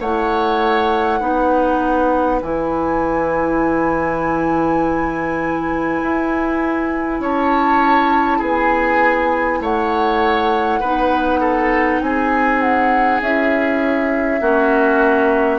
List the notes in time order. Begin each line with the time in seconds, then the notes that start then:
0.00 A3 E4 C#5 F#5
1.20 B3 D#4 B4
2.42 E3 E4 G#5
6.02 E4
7.20 C#4 C#5 A5
8.38 B3 G#4 G#5
9.60 A3 C#5 F#5
10.80 B3 D#4 B4
11.40 A4
12.01 C4 G#4 G#5
12.61 F#5
13.21 C#4 E4 E5
14.41 A#3 C#4 F#4